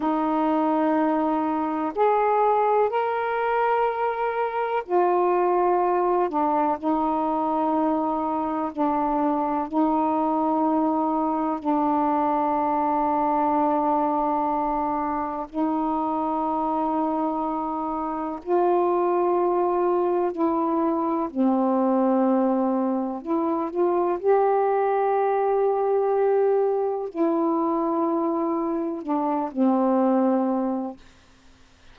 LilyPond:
\new Staff \with { instrumentName = "saxophone" } { \time 4/4 \tempo 4 = 62 dis'2 gis'4 ais'4~ | ais'4 f'4. d'8 dis'4~ | dis'4 d'4 dis'2 | d'1 |
dis'2. f'4~ | f'4 e'4 c'2 | e'8 f'8 g'2. | e'2 d'8 c'4. | }